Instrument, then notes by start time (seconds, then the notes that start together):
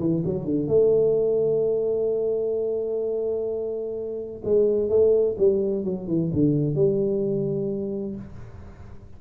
tuba
0.00 E3
0.26 F#3
0.45 D3
0.68 A3
4.45 G#3
4.90 A3
5.38 G3
5.85 F#3
6.08 E3
6.34 D3
6.76 G3